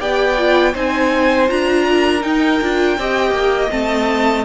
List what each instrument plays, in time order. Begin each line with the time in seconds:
0.00 cello B3, viola G4, violin D5 G5
0.38 viola F4
0.74 cello C4, viola D#4, violin C5 G#5
1.48 cello D4, viola F4, violin A#5
1.88 violin A#4
2.21 viola D#4, cello D#4, violin G5
2.62 cello D4, viola F4
2.98 cello C4, viola G4, violin D#5
3.31 cello A#3
3.70 cello A3, viola C4, violin A5